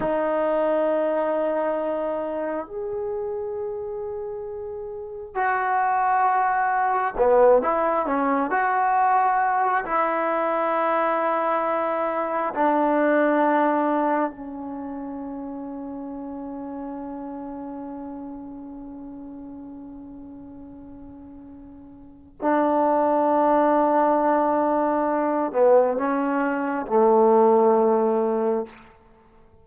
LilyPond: \new Staff \with { instrumentName = "trombone" } { \time 4/4 \tempo 4 = 67 dis'2. gis'4~ | gis'2 fis'2 | b8 e'8 cis'8 fis'4. e'4~ | e'2 d'2 |
cis'1~ | cis'1~ | cis'4 d'2.~ | d'8 b8 cis'4 a2 | }